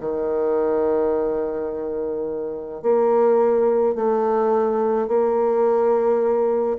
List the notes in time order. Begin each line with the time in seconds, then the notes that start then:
0.00 D#3
2.82 A#3
3.95 A3
5.07 A#3